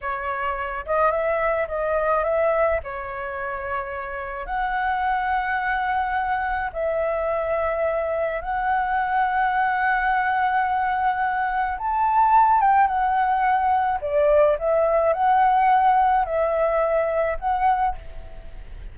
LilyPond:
\new Staff \with { instrumentName = "flute" } { \time 4/4 \tempo 4 = 107 cis''4. dis''8 e''4 dis''4 | e''4 cis''2. | fis''1 | e''2. fis''4~ |
fis''1~ | fis''4 a''4. g''8 fis''4~ | fis''4 d''4 e''4 fis''4~ | fis''4 e''2 fis''4 | }